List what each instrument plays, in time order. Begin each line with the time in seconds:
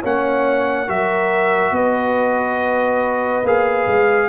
0.00 tuba A#3, trombone C#4, horn C#5, trumpet F#5
0.87 tuba F#3, trombone F#4, horn A#4, trumpet E5
1.71 tuba B3, horn B4, trumpet D#5
3.44 tuba A#3, trombone G#4, trumpet F5
3.87 tuba G#3